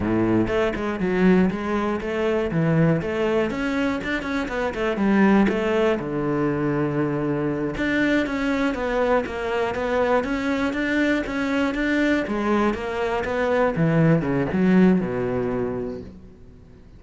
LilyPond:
\new Staff \with { instrumentName = "cello" } { \time 4/4 \tempo 4 = 120 a,4 a8 gis8 fis4 gis4 | a4 e4 a4 cis'4 | d'8 cis'8 b8 a8 g4 a4 | d2.~ d8 d'8~ |
d'8 cis'4 b4 ais4 b8~ | b8 cis'4 d'4 cis'4 d'8~ | d'8 gis4 ais4 b4 e8~ | e8 cis8 fis4 b,2 | }